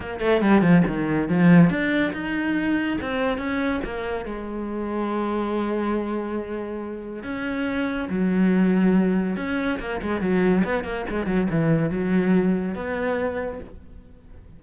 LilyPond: \new Staff \with { instrumentName = "cello" } { \time 4/4 \tempo 4 = 141 ais8 a8 g8 f8 dis4 f4 | d'4 dis'2 c'4 | cis'4 ais4 gis2~ | gis1~ |
gis4 cis'2 fis4~ | fis2 cis'4 ais8 gis8 | fis4 b8 ais8 gis8 fis8 e4 | fis2 b2 | }